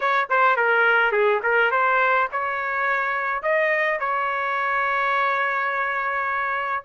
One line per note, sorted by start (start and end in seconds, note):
0.00 0.29 C#5
0.29 0.56 C5
0.56 1.11 A#4
1.11 1.40 G#4
1.42 1.71 A#4
1.71 2.28 C5
2.32 3.42 C#5
3.42 3.99 D#5
3.99 6.84 C#5